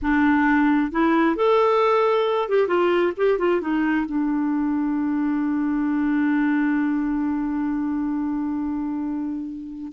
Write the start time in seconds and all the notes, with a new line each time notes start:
0.02 D4
0.91 E4
1.36 A4
2.48 G4
2.67 F4
3.16 G4
3.38 F4
3.61 D#4
4.06 D4